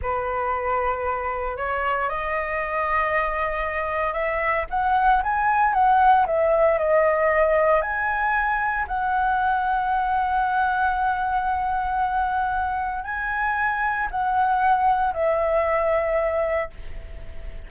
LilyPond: \new Staff \with { instrumentName = "flute" } { \time 4/4 \tempo 4 = 115 b'2. cis''4 | dis''1 | e''4 fis''4 gis''4 fis''4 | e''4 dis''2 gis''4~ |
gis''4 fis''2.~ | fis''1~ | fis''4 gis''2 fis''4~ | fis''4 e''2. | }